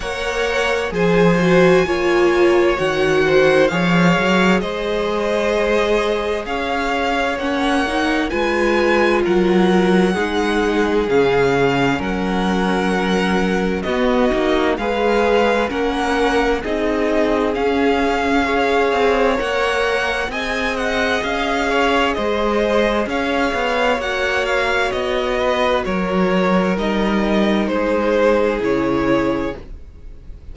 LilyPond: <<
  \new Staff \with { instrumentName = "violin" } { \time 4/4 \tempo 4 = 65 fis''4 gis''2 fis''4 | f''4 dis''2 f''4 | fis''4 gis''4 fis''2 | f''4 fis''2 dis''4 |
f''4 fis''4 dis''4 f''4~ | f''4 fis''4 gis''8 fis''8 f''4 | dis''4 f''4 fis''8 f''8 dis''4 | cis''4 dis''4 c''4 cis''4 | }
  \new Staff \with { instrumentName = "violin" } { \time 4/4 cis''4 c''4 cis''4. c''8 | cis''4 c''2 cis''4~ | cis''4 b'4 ais'4 gis'4~ | gis'4 ais'2 fis'4 |
b'4 ais'4 gis'2 | cis''2 dis''4. cis''8 | c''4 cis''2~ cis''8 b'8 | ais'2 gis'2 | }
  \new Staff \with { instrumentName = "viola" } { \time 4/4 ais'4 gis'8 fis'8 f'4 fis'4 | gis'1 | cis'8 dis'8 f'2 dis'4 | cis'2. b8 dis'8 |
gis'4 cis'4 dis'4 cis'4 | gis'4 ais'4 gis'2~ | gis'2 fis'2~ | fis'4 dis'2 e'4 | }
  \new Staff \with { instrumentName = "cello" } { \time 4/4 ais4 f4 ais4 dis4 | f8 fis8 gis2 cis'4 | ais4 gis4 fis4 gis4 | cis4 fis2 b8 ais8 |
gis4 ais4 c'4 cis'4~ | cis'8 c'8 ais4 c'4 cis'4 | gis4 cis'8 b8 ais4 b4 | fis4 g4 gis4 cis4 | }
>>